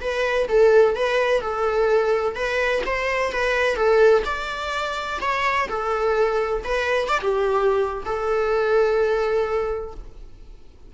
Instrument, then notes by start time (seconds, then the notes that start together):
viola
0.00 B4
0.48 A4
0.95 B4
1.40 A4
2.35 B4
2.85 C5
3.32 B4
3.75 A4
4.25 D5
5.21 C#5
5.68 A4
6.64 B4
7.08 D5
7.21 G4
8.05 A4